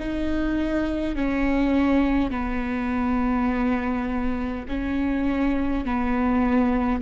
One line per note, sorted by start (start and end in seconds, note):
0.00 1.16 D#4
1.16 2.31 C#4
2.31 4.66 B3
4.69 5.86 C#4
5.86 7.02 B3